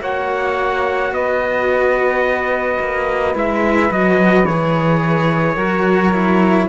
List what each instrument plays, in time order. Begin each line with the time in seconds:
0.00 cello A#3 F#4, saxophone C#5, trumpet F#5
1.12 cello B3, saxophone B4, trumpet D#5
2.79 cello A#3
3.34 cello G#3 E4, trumpet E5
3.89 cello F#3 F#4, trumpet D#5
4.45 cello E3 G#4, trumpet C#5
5.55 cello F#3 F#4, saxophone A#4
6.12 cello E4